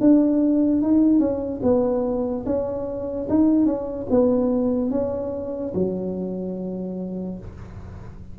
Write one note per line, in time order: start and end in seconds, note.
0.00 0.82 D4
0.82 1.20 D#4
1.20 1.61 C#4
1.63 2.45 B3
2.46 3.28 C#4
3.30 3.65 D#4
3.65 4.06 C#4
4.10 4.91 B3
4.91 5.73 C#4
5.74 7.39 F#3